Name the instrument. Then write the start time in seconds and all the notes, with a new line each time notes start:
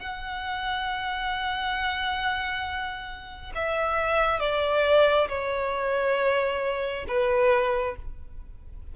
violin
0.00 F#5
3.55 E5
4.40 D5
5.29 C#5
7.08 B4